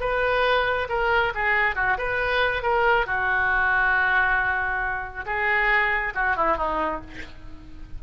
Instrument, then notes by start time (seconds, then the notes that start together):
oboe
0.00 B4
0.89 A#4
1.34 G#4
1.75 F#4
1.98 B4
2.62 A#4
3.06 F#4
5.26 G#4
6.15 F#4
6.36 E4
6.57 D#4